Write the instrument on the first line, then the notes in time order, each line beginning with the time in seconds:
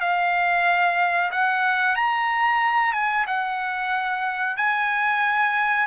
trumpet
0.00 F5
1.31 F#5
1.95 A#5
2.93 G#5
3.26 F#5
4.57 G#5